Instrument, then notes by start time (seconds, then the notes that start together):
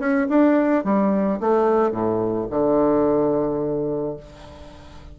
bassoon
0.00 C#4
0.30 D4
0.85 G3
1.41 A3
1.92 A2
2.51 D3